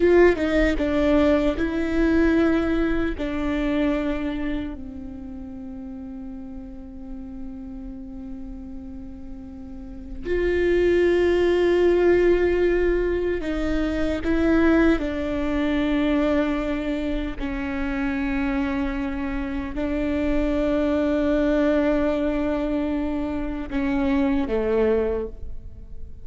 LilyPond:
\new Staff \with { instrumentName = "viola" } { \time 4/4 \tempo 4 = 76 f'8 dis'8 d'4 e'2 | d'2 c'2~ | c'1~ | c'4 f'2.~ |
f'4 dis'4 e'4 d'4~ | d'2 cis'2~ | cis'4 d'2.~ | d'2 cis'4 a4 | }